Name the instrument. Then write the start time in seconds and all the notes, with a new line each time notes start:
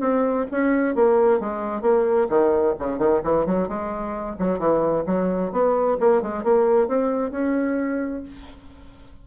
bassoon
0.00 C4
0.51 C#4
0.95 A#3
1.40 G#3
1.82 A#3
2.29 D#3
2.79 C#3
2.98 D#3
3.24 E3
3.46 F#3
3.68 G#3
4.39 F#3
4.59 E3
5.06 F#3
5.52 B3
6.00 A#3
6.22 G#3
6.44 A#3
6.88 C4
7.31 C#4